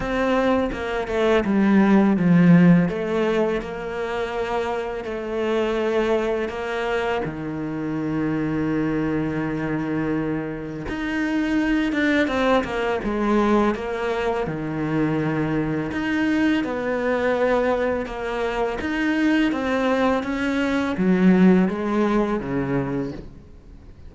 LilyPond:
\new Staff \with { instrumentName = "cello" } { \time 4/4 \tempo 4 = 83 c'4 ais8 a8 g4 f4 | a4 ais2 a4~ | a4 ais4 dis2~ | dis2. dis'4~ |
dis'8 d'8 c'8 ais8 gis4 ais4 | dis2 dis'4 b4~ | b4 ais4 dis'4 c'4 | cis'4 fis4 gis4 cis4 | }